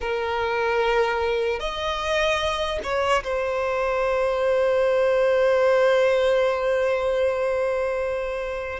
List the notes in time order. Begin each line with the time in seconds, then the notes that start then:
0.00 A#4
1.59 D#5
2.83 C#5
3.23 C5